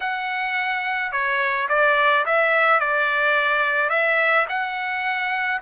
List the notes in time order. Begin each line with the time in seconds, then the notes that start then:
0.00 F#5
1.12 C#5
1.68 D5
2.25 E5
2.80 D5
3.89 E5
4.49 F#5